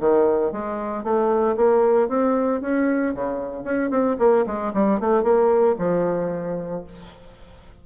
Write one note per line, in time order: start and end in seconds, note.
0.00 0.52 D#3
0.52 1.04 G#3
1.04 1.56 A3
1.57 2.09 A#3
2.09 2.61 C4
2.61 3.14 C#4
3.14 3.64 C#3
3.64 3.90 C#4
3.90 4.17 C4
4.19 4.45 A#3
4.47 4.73 G#3
4.74 5.00 G3
5.00 5.23 A3
5.23 5.76 A#3
5.78 6.84 F3